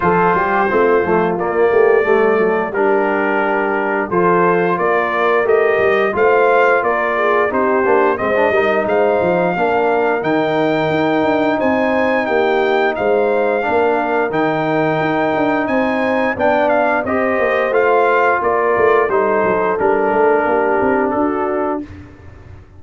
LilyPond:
<<
  \new Staff \with { instrumentName = "trumpet" } { \time 4/4 \tempo 4 = 88 c''2 d''2 | ais'2 c''4 d''4 | dis''4 f''4 d''4 c''4 | dis''4 f''2 g''4~ |
g''4 gis''4 g''4 f''4~ | f''4 g''2 gis''4 | g''8 f''8 dis''4 f''4 d''4 | c''4 ais'2 a'4 | }
  \new Staff \with { instrumentName = "horn" } { \time 4/4 a'8 g'8 f'4. g'8 a'4 | g'2 a'4 ais'4~ | ais'4 c''4 ais'8 gis'8 g'4 | c''8 ais'8 c''4 ais'2~ |
ais'4 c''4 g'4 c''4 | ais'2. c''4 | d''4 c''2 ais'4 | a'2 g'4 fis'4 | }
  \new Staff \with { instrumentName = "trombone" } { \time 4/4 f'4 c'8 a8 ais4 a4 | d'2 f'2 | g'4 f'2 dis'8 d'8 | c'16 d'16 dis'4. d'4 dis'4~ |
dis'1 | d'4 dis'2. | d'4 g'4 f'2 | dis'4 d'2. | }
  \new Staff \with { instrumentName = "tuba" } { \time 4/4 f8 g8 a8 f8 ais8 a8 g8 fis8 | g2 f4 ais4 | a8 g8 a4 ais4 c'8 ais8 | gis8 g8 gis8 f8 ais4 dis4 |
dis'8 d'8 c'4 ais4 gis4 | ais4 dis4 dis'8 d'8 c'4 | b4 c'8 ais8 a4 ais8 a8 | g8 fis8 g8 a8 ais8 c'8 d'4 | }
>>